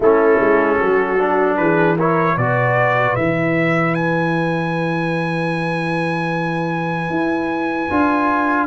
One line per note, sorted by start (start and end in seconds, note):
0.00 0.39 A3
0.00 1.18 C#4
0.00 0.77 E4
0.00 1.57 A4
0.40 0.80 G#3
0.79 1.58 F#3
0.79 1.58 F#4
1.18 1.97 D4
1.57 2.37 E3
1.57 1.98 G#4
1.57 1.96 B4
1.98 2.39 E4
1.98 2.35 A#4
1.98 2.37 C#5
2.35 3.15 B2
2.35 3.18 F#4
2.35 8.66 B4
2.35 3.15 D5
3.15 7.09 E3
3.15 7.89 E4
3.15 3.94 E5
3.94 8.66 G#5
7.09 7.88 E4
7.89 8.66 D4
7.89 8.66 F4